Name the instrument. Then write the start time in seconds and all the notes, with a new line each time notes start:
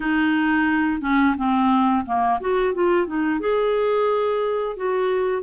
clarinet
0.00 D#4
1.01 C#4
1.37 C4
2.05 A#3
2.40 F#4
2.74 F4
3.07 D#4
3.40 G#4
4.76 F#4